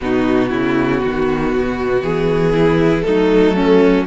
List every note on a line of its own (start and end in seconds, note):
0.00 0.52 B2
0.00 3.03 B3
0.00 0.50 D#4
0.00 2.03 F#4
0.50 1.03 C#3
0.50 1.00 E4
1.00 1.55 D#3
1.00 2.52 F#4
1.55 2.02 B2
2.02 3.04 E3
2.02 3.02 G#4
2.52 3.03 E4
3.02 4.06 F#3
3.02 4.05 A3
3.02 3.56 D#4
3.02 4.04 A4
3.56 4.06 C#4